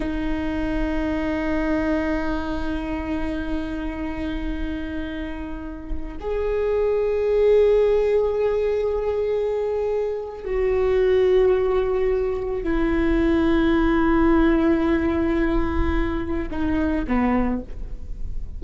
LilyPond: \new Staff \with { instrumentName = "viola" } { \time 4/4 \tempo 4 = 109 dis'1~ | dis'1~ | dis'2.~ dis'16 gis'8.~ | gis'1~ |
gis'2. fis'4~ | fis'2. e'4~ | e'1~ | e'2 dis'4 b4 | }